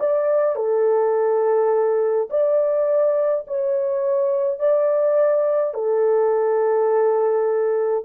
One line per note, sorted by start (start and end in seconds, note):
0.00 0.56 D5
0.56 2.29 A4
2.30 3.46 D5
3.48 4.59 C#5
4.59 5.74 D5
5.74 8.05 A4